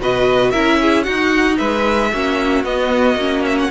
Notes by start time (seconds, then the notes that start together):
0.00 B2 F#4 B4 D#5
0.51 C#4 E4 A#4 E5
0.81 G#4
1.03 D#4 F#4 F#5
1.58 G#3 B4 E5
2.12 A#3 C#4 F#4
2.64 B3 D#5
3.16 A#3 C#4
3.45 E5
3.60 F#5